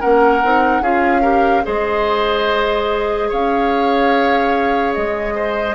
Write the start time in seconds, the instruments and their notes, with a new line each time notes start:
0.00 bassoon A#3, clarinet C#4, oboe A#4, flute F#5
0.42 bassoon C4, clarinet D#4
0.80 bassoon C#4, clarinet F4, oboe G#4, flute F5
1.21 clarinet G4, oboe A#4
1.63 bassoon G#3, clarinet G#4, oboe C5, flute D#5
3.28 bassoon C#4, oboe C#5, flute F5
4.94 bassoon G#3, flute D#5
5.35 oboe C5